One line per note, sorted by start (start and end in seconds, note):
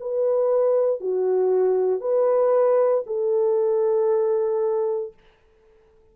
0.00 1.01 B4
1.01 2.01 F#4
2.01 3.04 B4
3.07 5.13 A4